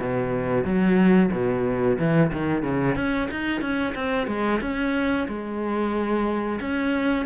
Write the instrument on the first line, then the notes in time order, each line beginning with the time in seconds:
cello
0.00 B2
0.64 F#3
1.32 B2
1.99 E3
2.33 D#3
2.63 C#3
2.96 C#4
3.31 D#4
3.61 C#4
3.95 C4
4.27 G#3
4.62 C#4
5.28 G#3
6.61 C#4